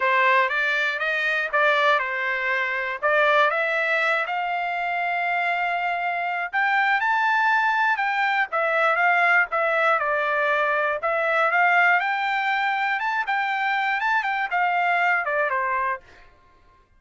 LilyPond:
\new Staff \with { instrumentName = "trumpet" } { \time 4/4 \tempo 4 = 120 c''4 d''4 dis''4 d''4 | c''2 d''4 e''4~ | e''8 f''2.~ f''8~ | f''4 g''4 a''2 |
g''4 e''4 f''4 e''4 | d''2 e''4 f''4 | g''2 a''8 g''4. | a''8 g''8 f''4. d''8 c''4 | }